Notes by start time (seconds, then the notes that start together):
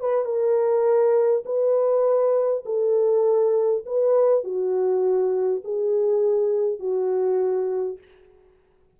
0.00 B4
0.25 A#4
1.45 B4
2.65 A4
3.86 B4
4.44 F#4
5.64 G#4
6.79 F#4